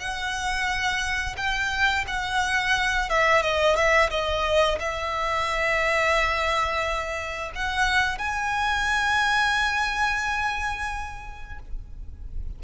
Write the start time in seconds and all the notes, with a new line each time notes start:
0.00 F#5
1.37 G5
2.08 F#5
3.10 E5
3.42 D#5
3.76 E5
4.11 D#5
4.80 E5
7.56 F#5
8.18 G#5